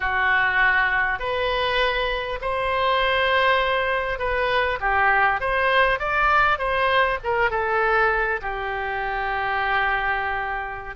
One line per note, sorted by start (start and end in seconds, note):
0.00 1.19 F#4
1.19 2.39 B4
2.41 4.18 C5
4.18 4.78 B4
4.80 5.40 G4
5.40 5.99 C5
5.99 6.58 D5
6.58 7.18 C5
7.23 7.50 A#4
7.50 8.40 A4
8.41 10.95 G4